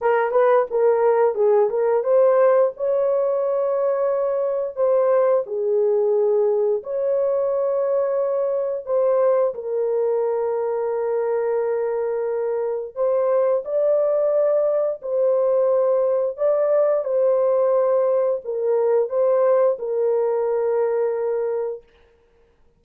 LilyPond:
\new Staff \with { instrumentName = "horn" } { \time 4/4 \tempo 4 = 88 ais'8 b'8 ais'4 gis'8 ais'8 c''4 | cis''2. c''4 | gis'2 cis''2~ | cis''4 c''4 ais'2~ |
ais'2. c''4 | d''2 c''2 | d''4 c''2 ais'4 | c''4 ais'2. | }